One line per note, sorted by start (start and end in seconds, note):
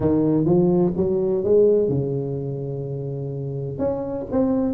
0.00 0.45 D#3
0.45 0.92 F3
0.97 1.44 F#3
1.44 1.89 G#3
1.89 3.78 C#3
3.78 4.26 C#4
4.31 4.73 C4